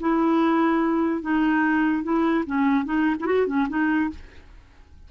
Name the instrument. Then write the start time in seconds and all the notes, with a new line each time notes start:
clarinet
0.00 E4
1.22 D#4
2.03 E4
2.46 C#4
2.84 D#4
3.20 E4 F#4
3.47 C#4
3.69 D#4